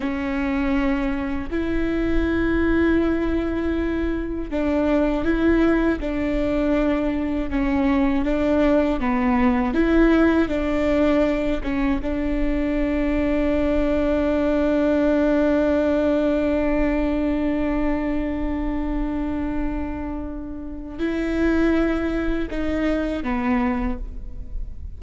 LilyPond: \new Staff \with { instrumentName = "viola" } { \time 4/4 \tempo 4 = 80 cis'2 e'2~ | e'2 d'4 e'4 | d'2 cis'4 d'4 | b4 e'4 d'4. cis'8 |
d'1~ | d'1~ | d'1 | e'2 dis'4 b4 | }